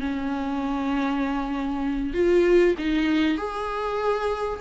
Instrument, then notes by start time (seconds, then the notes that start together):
viola
0.00 C#4
2.13 F4
2.78 D#4
3.37 G#4